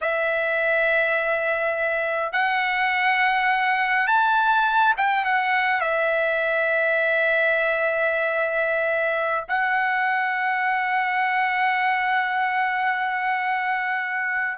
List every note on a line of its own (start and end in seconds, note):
0.01 2.32 E5
2.32 4.07 F#5
4.07 4.94 A5
4.97 5.24 G5
5.24 5.80 F#5
5.80 9.44 E5
9.48 14.57 F#5